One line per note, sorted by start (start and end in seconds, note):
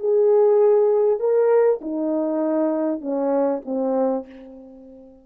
0.00 1.20 G#4
1.20 1.80 A#4
1.82 3.01 D#4
3.01 3.62 C#4
3.66 4.26 C4